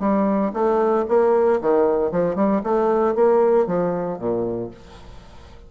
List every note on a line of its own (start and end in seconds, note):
0.00 0.52 G3
0.54 1.06 A3
1.08 1.61 A#3
1.61 2.12 D#3
2.12 2.36 F3
2.36 2.62 G3
2.64 3.15 A3
3.15 3.67 A#3
3.67 4.19 F3
4.19 4.71 A#2